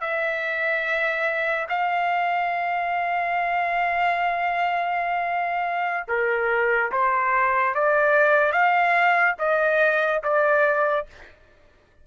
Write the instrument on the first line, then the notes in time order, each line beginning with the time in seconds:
trumpet
0.00 E5
1.69 F5
6.08 A#4
6.91 C5
7.74 D5
8.52 F5
9.38 D#5
10.23 D5